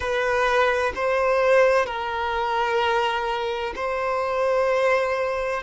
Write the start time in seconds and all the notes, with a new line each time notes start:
0.00 B4
0.95 C5
1.85 A#4
3.75 C5